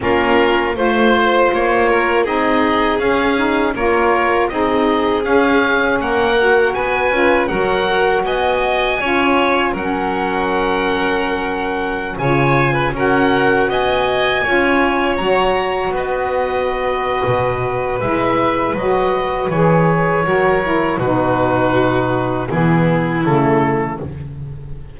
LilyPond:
<<
  \new Staff \with { instrumentName = "oboe" } { \time 4/4 \tempo 4 = 80 ais'4 c''4 cis''4 dis''4 | f''4 cis''4 dis''4 f''4 | fis''4 gis''4 fis''4 gis''4~ | gis''4 fis''2.~ |
fis''16 gis''4 fis''4 gis''4.~ gis''16~ | gis''16 ais''4 dis''2~ dis''8. | e''4 dis''4 cis''2 | b'2 gis'4 a'4 | }
  \new Staff \with { instrumentName = "violin" } { \time 4/4 f'4 c''4. ais'8 gis'4~ | gis'4 ais'4 gis'2 | ais'4 b'4 ais'4 dis''4 | cis''4 ais'2.~ |
ais'16 cis''8. b'16 ais'4 dis''4 cis''8.~ | cis''4~ cis''16 b'2~ b'8.~ | b'2. ais'4 | fis'2 e'2 | }
  \new Staff \with { instrumentName = "saxophone" } { \time 4/4 cis'4 f'2 dis'4 | cis'8 dis'8 f'4 dis'4 cis'4~ | cis'8 fis'4 f'8 fis'2 | f'4 cis'2.~ |
cis'16 f'4 fis'2 f'8.~ | f'16 fis'2.~ fis'8. | e'4 fis'4 gis'4 fis'8 e'8 | dis'2 b4 a4 | }
  \new Staff \with { instrumentName = "double bass" } { \time 4/4 ais4 a4 ais4 c'4 | cis'4 ais4 c'4 cis'4 | ais4 b8 cis'8 fis4 b4 | cis'4 fis2.~ |
fis16 cis4 cis'4 b4 cis'8.~ | cis'16 fis4 b4.~ b16 b,4 | gis4 fis4 e4 fis4 | b,2 e4 cis4 | }
>>